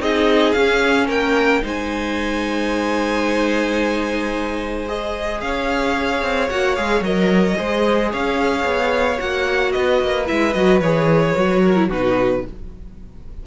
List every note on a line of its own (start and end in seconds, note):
0.00 0.54 C4
0.00 0.55 D#4
0.00 1.07 G#4
0.00 0.53 D#5
0.53 1.09 C#4
0.53 1.62 C#4
0.53 1.07 F5
1.07 1.63 A#3
1.07 1.61 A#4
1.07 1.65 G5
1.62 5.42 G#3
1.62 4.87 D#4
1.62 5.42 C5
1.62 4.89 G#5
4.88 6.50 G#4
4.88 5.41 D#5
5.41 6.23 C#4
5.41 7.58 C#5
5.41 6.50 F5
6.23 6.50 C4
6.50 6.78 A#3
6.50 6.77 F#4
6.50 6.76 F#5
6.76 7.01 G#3
6.76 7.04 G#4
6.76 7.03 F5
7.01 7.55 F#3
7.01 7.57 A#4
7.01 8.13 D#5
7.57 8.14 G#3
7.57 9.18 G#4
7.57 8.12 C5
8.12 8.65 C#4
8.12 9.73 C#5
8.12 9.20 F5
8.65 9.19 B3
9.18 9.75 A#3
9.18 10.26 F#4
9.18 9.72 F#5
9.72 10.03 B3
9.72 11.62 B4
9.72 10.26 D#5
10.03 10.30 A#3
10.27 10.55 G#3
10.27 10.54 E4
10.27 10.54 E5
10.54 10.81 F#3
10.54 10.83 F#4
10.54 10.81 D#5
10.81 11.35 E3
10.81 11.36 G#4
10.81 11.89 C#5
11.36 11.90 F#3
11.36 11.76 F#4
11.63 11.89 A#4
11.76 11.90 E4
11.89 12.44 B2
11.89 12.46 D#4
11.89 12.43 F#4
11.89 12.47 B4